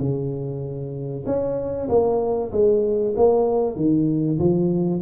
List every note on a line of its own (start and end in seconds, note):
0.00 1.25 C#3
1.26 1.89 C#4
1.89 2.51 A#3
2.52 3.15 G#3
3.17 3.76 A#3
3.76 4.39 D#3
4.39 5.02 F3